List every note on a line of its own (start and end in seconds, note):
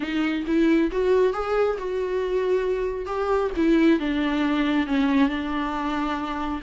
0.00 0.44 D#4
0.46 0.90 E4
0.91 1.33 F#4
1.33 1.77 G#4
1.78 3.06 F#4
3.06 3.50 G4
3.56 3.99 E4
3.99 4.86 D4
4.86 5.29 C#4
5.29 6.61 D4